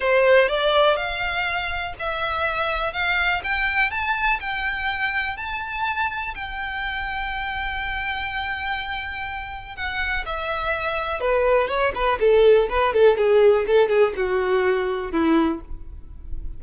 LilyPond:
\new Staff \with { instrumentName = "violin" } { \time 4/4 \tempo 4 = 123 c''4 d''4 f''2 | e''2 f''4 g''4 | a''4 g''2 a''4~ | a''4 g''2.~ |
g''1 | fis''4 e''2 b'4 | cis''8 b'8 a'4 b'8 a'8 gis'4 | a'8 gis'8 fis'2 e'4 | }